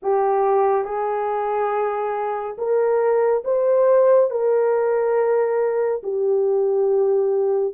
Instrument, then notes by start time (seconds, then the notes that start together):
horn
0.02 G4
0.85 G#4
2.58 A#4
3.44 C5
4.30 A#4
6.03 G4